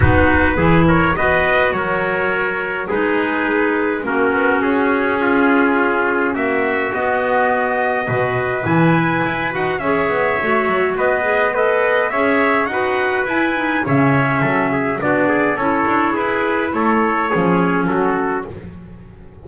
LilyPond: <<
  \new Staff \with { instrumentName = "trumpet" } { \time 4/4 \tempo 4 = 104 b'4. cis''8 dis''4 cis''4~ | cis''4 b'2 ais'4 | gis'2. e''4 | dis''2. gis''4~ |
gis''8 fis''8 e''2 dis''4 | b'4 e''4 fis''4 gis''4 | e''2 d''4 cis''4 | b'4 cis''2 a'4 | }
  \new Staff \with { instrumentName = "trumpet" } { \time 4/4 fis'4 gis'8 ais'8 b'4 ais'4~ | ais'4 gis'2 fis'4~ | fis'4 f'2 fis'4~ | fis'2 b'2~ |
b'4 cis''2 b'4 | dis''4 cis''4 b'2 | cis''4 a'8 gis'8 fis'8 gis'8 a'4 | gis'4 a'4 gis'4 fis'4 | }
  \new Staff \with { instrumentName = "clarinet" } { \time 4/4 dis'4 e'4 fis'2~ | fis'4 dis'2 cis'4~ | cis'1 | b2 fis'4 e'4~ |
e'8 fis'8 gis'4 fis'4. gis'8 | a'4 gis'4 fis'4 e'8 dis'8 | cis'2 d'4 e'4~ | e'2 cis'2 | }
  \new Staff \with { instrumentName = "double bass" } { \time 4/4 b4 e4 b4 fis4~ | fis4 gis2 ais8 b8 | cis'2. ais4 | b2 b,4 e4 |
e'8 dis'8 cis'8 b8 a8 fis8 b4~ | b4 cis'4 dis'4 e'4 | cis4 fis4 b4 cis'8 d'8 | e'4 a4 f4 fis4 | }
>>